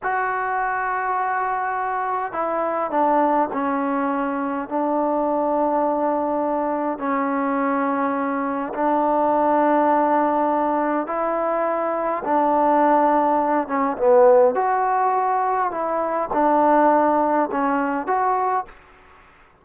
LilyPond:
\new Staff \with { instrumentName = "trombone" } { \time 4/4 \tempo 4 = 103 fis'1 | e'4 d'4 cis'2 | d'1 | cis'2. d'4~ |
d'2. e'4~ | e'4 d'2~ d'8 cis'8 | b4 fis'2 e'4 | d'2 cis'4 fis'4 | }